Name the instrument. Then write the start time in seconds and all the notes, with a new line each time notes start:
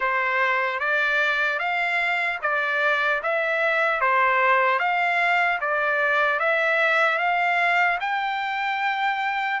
trumpet
0.00 C5
0.79 D5
1.59 F5
2.41 D5
3.22 E5
4.00 C5
4.79 F5
5.60 D5
6.39 E5
7.18 F5
8.00 G5